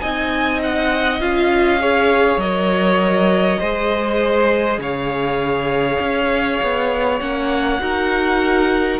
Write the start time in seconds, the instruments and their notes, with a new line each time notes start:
0.00 cello C4, viola D#4, violin D#5 G#5
0.63 violin F#5
1.21 cello C#4, viola F4, violin F5
1.80 viola G#4, violin C#5
2.38 cello F#3, viola A#4, violin D#5
3.60 cello G#3, viola G#4, violin C5
4.78 cello C#3, violin C#5 F5
6.00 cello C#4
6.63 cello B3
7.20 cello A#3, viola C#4, violin F#5
7.80 cello D#4, viola F#4, violin A#4